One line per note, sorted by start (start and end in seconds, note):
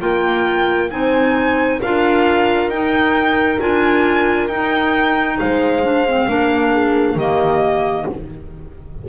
0.00 0.91 A#3
0.00 0.90 F4
0.00 0.91 A#4
0.00 0.90 G5
0.90 1.81 C4
0.90 1.80 D#4
0.90 1.80 C5
0.90 1.80 G#5
1.80 2.68 D4
1.80 2.73 F4
1.80 5.39 A#4
1.80 2.70 F5
2.68 3.58 D#4
2.68 3.60 D#4
2.68 3.60 G5
3.60 4.49 D4
3.60 4.50 F4
3.60 4.48 G#5
4.48 5.39 D#4
4.48 5.83 D#4
4.48 5.37 G5
5.39 6.29 G#3
5.39 6.29 C5
5.39 7.18 F5
5.83 6.06 D4
6.08 6.29 C4
6.29 7.16 A#3
6.29 7.19 D4
6.29 6.73 A#4
6.73 7.16 G#4
7.16 8.05 D#3
7.16 8.08 A#3
7.16 8.06 G4
7.16 8.08 D#5